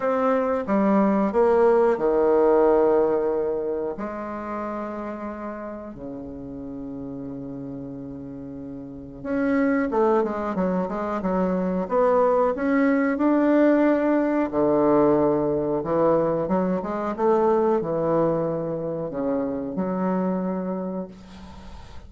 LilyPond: \new Staff \with { instrumentName = "bassoon" } { \time 4/4 \tempo 4 = 91 c'4 g4 ais4 dis4~ | dis2 gis2~ | gis4 cis2.~ | cis2 cis'4 a8 gis8 |
fis8 gis8 fis4 b4 cis'4 | d'2 d2 | e4 fis8 gis8 a4 e4~ | e4 cis4 fis2 | }